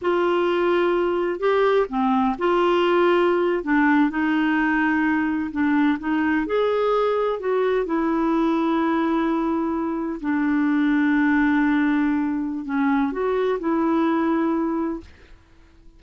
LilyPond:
\new Staff \with { instrumentName = "clarinet" } { \time 4/4 \tempo 4 = 128 f'2. g'4 | c'4 f'2~ f'8. d'16~ | d'8. dis'2. d'16~ | d'8. dis'4 gis'2 fis'16~ |
fis'8. e'2.~ e'16~ | e'4.~ e'16 d'2~ d'16~ | d'2. cis'4 | fis'4 e'2. | }